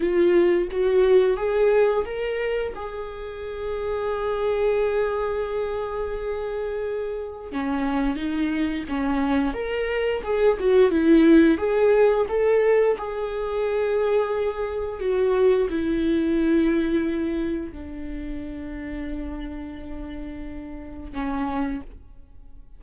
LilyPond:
\new Staff \with { instrumentName = "viola" } { \time 4/4 \tempo 4 = 88 f'4 fis'4 gis'4 ais'4 | gis'1~ | gis'2. cis'4 | dis'4 cis'4 ais'4 gis'8 fis'8 |
e'4 gis'4 a'4 gis'4~ | gis'2 fis'4 e'4~ | e'2 d'2~ | d'2. cis'4 | }